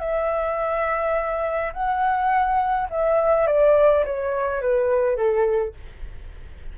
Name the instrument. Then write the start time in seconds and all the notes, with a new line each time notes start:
flute
0.00 E5
1.74 F#5
2.91 E5
3.47 D5
4.05 C#5
4.62 B4
5.17 A4